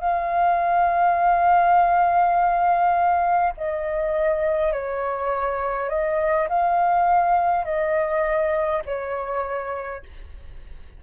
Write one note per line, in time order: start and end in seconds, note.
0.00 3.53 F5
3.57 4.72 D#5
4.72 5.89 C#5
5.89 6.48 D#5
6.49 7.65 F5
7.65 8.82 D#5
8.86 10.03 C#5